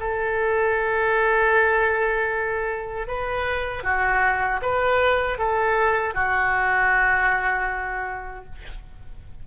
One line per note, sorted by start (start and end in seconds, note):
0.00 3.07 A4
3.07 3.84 B4
3.84 4.60 F#4
4.62 5.38 B4
5.38 6.14 A4
6.14 8.45 F#4